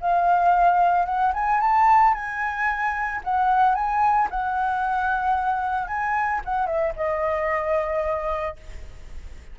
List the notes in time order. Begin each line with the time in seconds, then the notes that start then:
0.00 F5
1.05 F#5
1.33 G#5
1.60 A5
2.14 G#5
3.24 F#5
3.75 G#5
4.30 F#5
5.87 G#5
6.45 F#5
6.66 E5
6.96 D#5